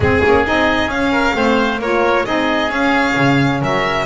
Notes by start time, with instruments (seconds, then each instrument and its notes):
0.00 double bass G#3, saxophone C4, oboe G#4, violin G#4
0.24 double bass A#3, saxophone C#4
0.45 double bass C4, saxophone D#4, violin D#5
0.87 double bass C#4, saxophone C#4, violin F5
1.12 oboe A#4
1.33 double bass A3, saxophone C4, oboe C5
1.78 double bass A#3, saxophone F4, oboe A#4, violin C#5
2.25 double bass C4, saxophone D#4, oboe G#4, violin D#5
2.70 double bass C#4, saxophone C#4, violin F5
3.16 double bass C#3
3.61 double bass F#3, oboe A#4, violin E5